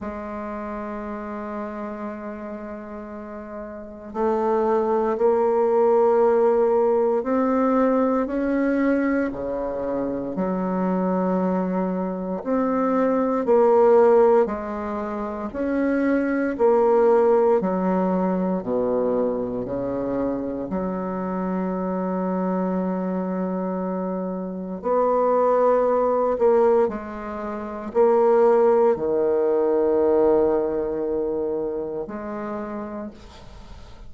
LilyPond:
\new Staff \with { instrumentName = "bassoon" } { \time 4/4 \tempo 4 = 58 gis1 | a4 ais2 c'4 | cis'4 cis4 fis2 | c'4 ais4 gis4 cis'4 |
ais4 fis4 b,4 cis4 | fis1 | b4. ais8 gis4 ais4 | dis2. gis4 | }